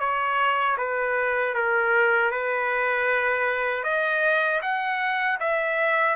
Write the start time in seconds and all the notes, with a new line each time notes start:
0.00 C#5
0.78 B4
1.55 A#4
2.31 B4
3.84 D#5
4.62 F#5
5.40 E5